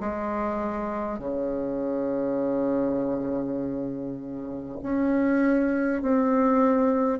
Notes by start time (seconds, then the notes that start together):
0.00 G#3
1.19 C#3
4.83 C#4
6.02 C4